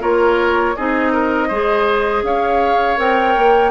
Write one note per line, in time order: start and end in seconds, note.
0.00 0.75 A#3
0.00 0.74 F4
0.00 0.75 A#4
0.00 0.76 C#5
0.76 1.50 C4
0.76 1.51 D#4
0.76 1.12 G#4
0.76 2.24 D#5
1.12 1.48 A#4
1.48 2.22 G#3
1.48 2.97 G#4
1.48 2.22 C5
2.22 2.96 C#4
2.22 3.71 C#5
2.22 2.98 F5
2.97 3.35 C4
2.97 3.71 A#4
2.97 3.71 G5
3.36 3.71 A#3